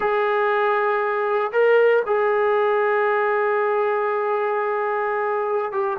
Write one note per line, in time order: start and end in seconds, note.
0.00 1.51 G#4
1.52 2.02 A#4
2.06 5.72 G#4
5.72 5.97 G4